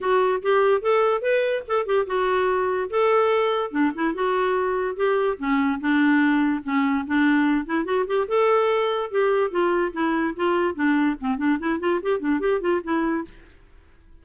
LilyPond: \new Staff \with { instrumentName = "clarinet" } { \time 4/4 \tempo 4 = 145 fis'4 g'4 a'4 b'4 | a'8 g'8 fis'2 a'4~ | a'4 d'8 e'8 fis'2 | g'4 cis'4 d'2 |
cis'4 d'4. e'8 fis'8 g'8 | a'2 g'4 f'4 | e'4 f'4 d'4 c'8 d'8 | e'8 f'8 g'8 d'8 g'8 f'8 e'4 | }